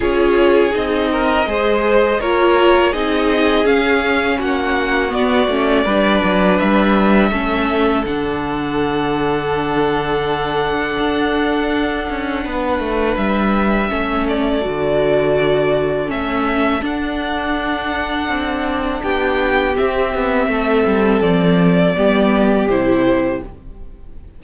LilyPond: <<
  \new Staff \with { instrumentName = "violin" } { \time 4/4 \tempo 4 = 82 cis''4 dis''2 cis''4 | dis''4 f''4 fis''4 d''4~ | d''4 e''2 fis''4~ | fis''1~ |
fis''2 e''4. d''8~ | d''2 e''4 fis''4~ | fis''2 g''4 e''4~ | e''4 d''2 c''4 | }
  \new Staff \with { instrumentName = "violin" } { \time 4/4 gis'4. ais'8 c''4 ais'4 | gis'2 fis'2 | b'2 a'2~ | a'1~ |
a'4 b'2 a'4~ | a'1~ | a'2 g'2 | a'2 g'2 | }
  \new Staff \with { instrumentName = "viola" } { \time 4/4 f'4 dis'4 gis'4 f'4 | dis'4 cis'2 b8 cis'8 | d'2 cis'4 d'4~ | d'1~ |
d'2. cis'4 | fis'2 cis'4 d'4~ | d'2. c'4~ | c'2 b4 e'4 | }
  \new Staff \with { instrumentName = "cello" } { \time 4/4 cis'4 c'4 gis4 ais4 | c'4 cis'4 ais4 b8 a8 | g8 fis8 g4 a4 d4~ | d2. d'4~ |
d'8 cis'8 b8 a8 g4 a4 | d2 a4 d'4~ | d'4 c'4 b4 c'8 b8 | a8 g8 f4 g4 c4 | }
>>